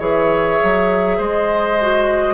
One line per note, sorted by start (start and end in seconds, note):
0.00 0.59 E3
0.00 1.77 G#4
0.00 1.18 C#5
0.00 1.21 E5
0.63 1.20 F#3
1.18 2.35 G#3
1.18 2.35 C5
1.18 2.35 D#5
1.82 2.35 F#4